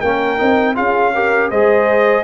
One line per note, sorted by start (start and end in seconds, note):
0.00 0.40 A#3
0.00 0.37 C#4
0.00 0.74 A#4
0.00 0.74 G5
0.37 0.78 C4
0.37 0.74 D#4
0.74 1.51 C#4
0.74 1.11 F4
0.74 1.12 G#4
0.74 1.50 F5
1.14 1.52 G4
1.14 1.50 A#4
1.50 2.23 G#3
1.50 2.23 G#4
1.50 2.23 C5
1.50 2.23 D#5